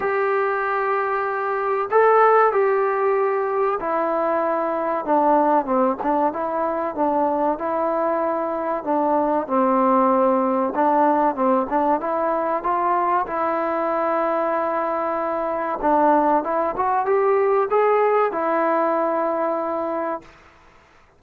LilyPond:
\new Staff \with { instrumentName = "trombone" } { \time 4/4 \tempo 4 = 95 g'2. a'4 | g'2 e'2 | d'4 c'8 d'8 e'4 d'4 | e'2 d'4 c'4~ |
c'4 d'4 c'8 d'8 e'4 | f'4 e'2.~ | e'4 d'4 e'8 fis'8 g'4 | gis'4 e'2. | }